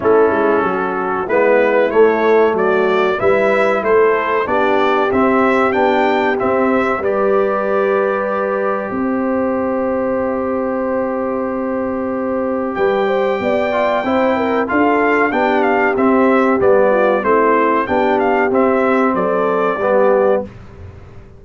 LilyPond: <<
  \new Staff \with { instrumentName = "trumpet" } { \time 4/4 \tempo 4 = 94 a'2 b'4 cis''4 | d''4 e''4 c''4 d''4 | e''4 g''4 e''4 d''4~ | d''2 e''2~ |
e''1 | g''2. f''4 | g''8 f''8 e''4 d''4 c''4 | g''8 f''8 e''4 d''2 | }
  \new Staff \with { instrumentName = "horn" } { \time 4/4 e'4 fis'4 e'2 | fis'4 b'4 a'4 g'4~ | g'2. b'4~ | b'2 c''2~ |
c''1 | b'8 c''8 d''4 c''8 ais'8 a'4 | g'2~ g'8 f'8 e'4 | g'2 a'4 g'4 | }
  \new Staff \with { instrumentName = "trombone" } { \time 4/4 cis'2 b4 a4~ | a4 e'2 d'4 | c'4 d'4 c'4 g'4~ | g'1~ |
g'1~ | g'4. f'8 e'4 f'4 | d'4 c'4 b4 c'4 | d'4 c'2 b4 | }
  \new Staff \with { instrumentName = "tuba" } { \time 4/4 a8 gis8 fis4 gis4 a4 | fis4 g4 a4 b4 | c'4 b4 c'4 g4~ | g2 c'2~ |
c'1 | g4 b4 c'4 d'4 | b4 c'4 g4 a4 | b4 c'4 fis4 g4 | }
>>